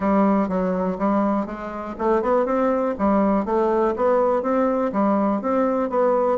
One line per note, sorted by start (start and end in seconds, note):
0.00 0.48 G3
0.48 0.97 F#3
0.98 1.46 G3
1.46 1.95 G#3
1.98 2.22 A3
2.22 2.45 B3
2.45 2.94 C4
2.98 3.45 G3
3.45 3.94 A3
3.96 4.42 B3
4.42 4.91 C4
4.92 5.41 G3
5.41 5.89 C4
5.89 6.38 B3